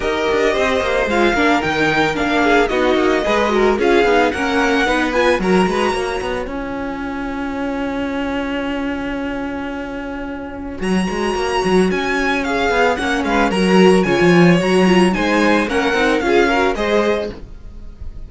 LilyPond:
<<
  \new Staff \with { instrumentName = "violin" } { \time 4/4 \tempo 4 = 111 dis''2 f''4 g''4 | f''4 dis''2 f''4 | fis''4. gis''8 ais''2 | gis''1~ |
gis''1 | ais''2 gis''4 f''4 | fis''8 f''8 ais''4 gis''4 ais''4 | gis''4 fis''4 f''4 dis''4 | }
  \new Staff \with { instrumentName = "violin" } { \time 4/4 ais'4 c''4. ais'4.~ | ais'8 gis'8 fis'4 b'8 ais'8 gis'4 | ais'4 b'4 ais'8 b'8 cis''4~ | cis''1~ |
cis''1~ | cis''1~ | cis''8 b'8 ais'4 cis''2 | c''4 ais'4 gis'8 ais'8 c''4 | }
  \new Staff \with { instrumentName = "viola" } { \time 4/4 g'2 f'8 d'8 dis'4 | d'4 dis'4 gis'8 fis'8 f'8 dis'8 | cis'4 dis'8 f'8 fis'2 | f'1~ |
f'1 | fis'2. gis'4 | cis'4 fis'4 f'4 fis'8 f'8 | dis'4 cis'8 dis'8 f'8 fis'8 gis'4 | }
  \new Staff \with { instrumentName = "cello" } { \time 4/4 dis'8 d'8 c'8 ais8 gis8 ais8 dis4 | ais4 b8 ais8 gis4 cis'8 b8 | ais4 b4 fis8 gis8 ais8 b8 | cis'1~ |
cis'1 | fis8 gis8 ais8 fis8 cis'4. b8 | ais8 gis8 fis4 cis16 f8. fis4 | gis4 ais8 c'8 cis'4 gis4 | }
>>